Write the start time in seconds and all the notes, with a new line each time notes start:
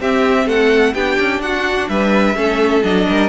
0.00 C4 G4 E5
0.46 A3 A4 F#5
0.94 B3 D4 G4 G5
1.20 C#4
1.39 D4 F#4 F#5
1.89 G3 B4 E5
2.35 A3 C#4 A4
2.83 F#3 D4 D#5
3.08 G3 A#4